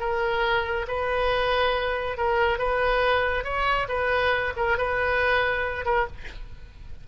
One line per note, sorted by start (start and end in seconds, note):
0.00 0.86 A#4
0.88 2.17 B4
2.17 2.59 A#4
2.59 3.44 B4
3.44 3.88 C#5
3.88 4.53 B4
4.57 4.78 A#4
4.78 5.85 B4
5.85 6.07 A#4